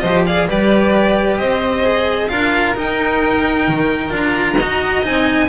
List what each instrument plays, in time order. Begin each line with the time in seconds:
0.00 double bass F3, cello G4, violin C5 D#5
0.26 cello G#4, violin D5 F5
0.48 double bass G3, cello G4, violin B4 D5
1.38 double bass C4, violin C5 D#5
1.84 cello G#4
2.28 double bass D4, cello F4, violin A#4 F5
2.75 cello D#4, double bass D#4, violin G5
3.68 double bass D#3
4.10 double bass D4, cello F4
4.17 violin A#5
4.56 double bass D#4, cello F#4, violin D#5
5.03 double bass C4, cello D#4, violin G#5